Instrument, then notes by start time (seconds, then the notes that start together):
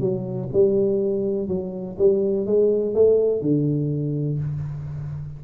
tuba
0.00 F#3
0.53 G3
1.48 F#3
1.98 G3
2.46 G#3
2.94 A3
3.41 D3